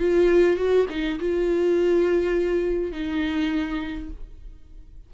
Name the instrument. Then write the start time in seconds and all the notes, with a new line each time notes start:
viola
0.00 F4
0.57 F#4
0.90 D#4
1.20 F4
2.93 D#4